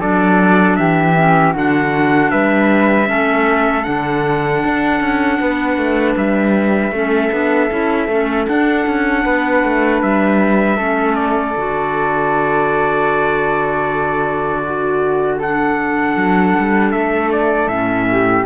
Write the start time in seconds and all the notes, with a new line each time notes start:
0.00 F#3 D4 A4 D5
0.76 E3 G4 E5
1.16 C#4
1.53 D3 D4 F#4 F#5
2.30 G3 B4 E5
3.06 A3 C#4 A4
3.84 D3 D4 F#5
4.64 D4
5.00 C#4
5.40 B3 B4
5.77 A3
6.17 G3 E5
6.91 A3 C#4 A4
7.31 B3 D4
7.70 C#4 E4
8.08 A3 C#4
8.47 D4 F#5
8.86 C#4
9.24 B3 B4
9.64 A3
10.02 G3 E5
10.76 A3 C#4 A4
11.15 D5
11.56 D3 F#4
14.63 F#4
15.38 D4 A4 F#5
16.16 F#3
16.58 G3
16.91 A3 E5
17.32 D5
17.67 A2 C#4 E5
18.12 G4